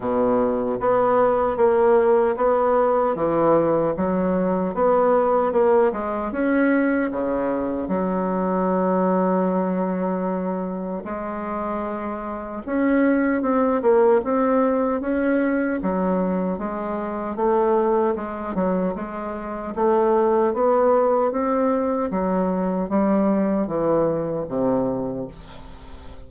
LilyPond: \new Staff \with { instrumentName = "bassoon" } { \time 4/4 \tempo 4 = 76 b,4 b4 ais4 b4 | e4 fis4 b4 ais8 gis8 | cis'4 cis4 fis2~ | fis2 gis2 |
cis'4 c'8 ais8 c'4 cis'4 | fis4 gis4 a4 gis8 fis8 | gis4 a4 b4 c'4 | fis4 g4 e4 c4 | }